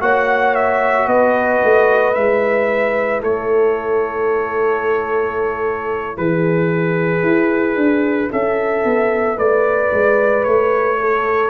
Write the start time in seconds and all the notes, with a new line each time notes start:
0.00 A#3 F#4 C#5 F#5
0.54 E5
1.07 B3 B4 D#5
1.63 A3
2.13 G#3 E4 E5
3.21 A3 A4 C#5
6.17 E3 G#4 B4
7.22 E4
7.76 D4
8.31 C#4 A4 E5
8.84 B3
9.37 A3 B4 D5
9.92 G#3
10.43 A3 C#5
10.99 A4